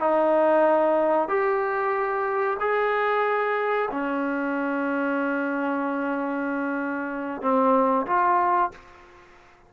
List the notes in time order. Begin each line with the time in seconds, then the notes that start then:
0.00 D#4
1.28 G4
2.60 G#4
3.91 C#4
7.42 C4
8.06 F4